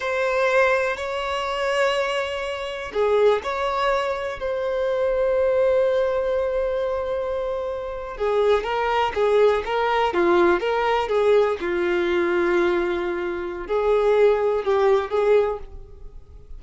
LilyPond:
\new Staff \with { instrumentName = "violin" } { \time 4/4 \tempo 4 = 123 c''2 cis''2~ | cis''2 gis'4 cis''4~ | cis''4 c''2.~ | c''1~ |
c''8. gis'4 ais'4 gis'4 ais'16~ | ais'8. f'4 ais'4 gis'4 f'16~ | f'1 | gis'2 g'4 gis'4 | }